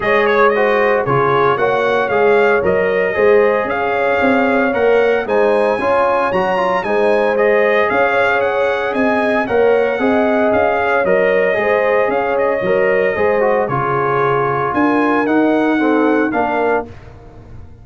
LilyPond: <<
  \new Staff \with { instrumentName = "trumpet" } { \time 4/4 \tempo 4 = 114 dis''8 cis''8 dis''4 cis''4 fis''4 | f''4 dis''2 f''4~ | f''4 fis''4 gis''2 | ais''4 gis''4 dis''4 f''4 |
fis''4 gis''4 fis''2 | f''4 dis''2 f''8 dis''8~ | dis''2 cis''2 | gis''4 fis''2 f''4 | }
  \new Staff \with { instrumentName = "horn" } { \time 4/4 cis''4 c''4 gis'4 cis''4~ | cis''2 c''4 cis''4~ | cis''2 c''4 cis''4~ | cis''4 c''2 cis''4~ |
cis''4 dis''4 cis''4 dis''4~ | dis''8 cis''4. c''4 cis''4~ | cis''4 c''4 gis'2 | ais'2 a'4 ais'4 | }
  \new Staff \with { instrumentName = "trombone" } { \time 4/4 gis'4 fis'4 f'4 fis'4 | gis'4 ais'4 gis'2~ | gis'4 ais'4 dis'4 f'4 | fis'8 f'8 dis'4 gis'2~ |
gis'2 ais'4 gis'4~ | gis'4 ais'4 gis'2 | ais'4 gis'8 fis'8 f'2~ | f'4 dis'4 c'4 d'4 | }
  \new Staff \with { instrumentName = "tuba" } { \time 4/4 gis2 cis4 ais4 | gis4 fis4 gis4 cis'4 | c'4 ais4 gis4 cis'4 | fis4 gis2 cis'4~ |
cis'4 c'4 ais4 c'4 | cis'4 fis4 gis4 cis'4 | fis4 gis4 cis2 | d'4 dis'2 ais4 | }
>>